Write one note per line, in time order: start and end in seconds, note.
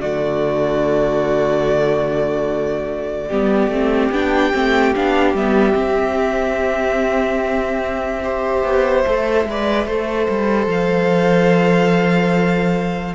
0.00 3.29 D3
0.00 3.30 A3
0.00 3.27 F#4
0.00 4.11 D5
3.27 3.67 G3
3.27 3.72 B3
3.27 8.20 G4
3.67 4.09 A3
3.67 4.12 C4
4.11 4.52 B3
4.11 4.53 D4
4.11 4.94 G5
4.53 4.95 A3
4.53 4.94 C4
4.95 5.33 B3
4.95 5.36 D4
4.95 5.35 F5
5.33 5.74 G3
5.33 5.73 B3
5.33 10.69 E5
5.73 8.20 C4
5.73 8.62 C4
8.22 9.04 G4
8.22 9.47 C5
8.63 9.04 B3
9.06 9.45 A3
9.06 9.47 A4
9.45 9.85 G#3
9.45 9.87 B4
9.45 9.86 D5
9.85 10.27 A3
9.85 13.15 A4
9.85 13.15 C5
10.29 10.66 G3
10.66 13.13 F3
10.66 13.15 F5